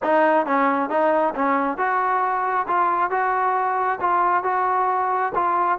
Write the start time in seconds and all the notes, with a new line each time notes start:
0.02 D#4
0.46 C#4
0.89 D#4
1.34 C#4
1.77 F#4
2.67 F4
3.10 F#4
4.00 F4
4.43 F#4
5.35 F4